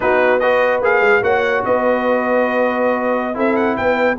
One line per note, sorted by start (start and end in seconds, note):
0.00 0.81 B3
0.00 0.40 D#4
0.00 0.41 F#4
0.00 0.39 B4
0.39 0.82 F#4
0.39 1.23 B4
0.39 0.80 D#5
0.81 1.01 A#3
0.81 1.22 G#4
0.81 1.23 F5
1.01 1.21 G#3
1.22 1.63 A#3
1.22 3.34 F#4
1.22 1.63 C#5
1.22 1.64 F#5
1.64 3.36 B3
1.64 3.35 B4
1.64 3.38 D#5
3.34 3.77 C4
3.34 4.15 E4
3.34 3.76 A4
3.34 3.56 E5
3.56 3.76 F#5
3.76 4.18 B3
3.76 4.18 B4
3.76 4.17 G5